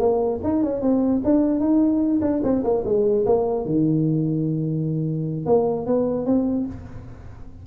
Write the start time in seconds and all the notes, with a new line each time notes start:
0.00 A#3
0.44 D#4
0.64 C#4
0.82 C4
1.25 D4
1.60 D#4
2.22 D4
2.44 C4
2.64 A#3
2.86 G#3
3.26 A#3
3.66 D#3
5.46 A#3
5.86 B3
6.26 C4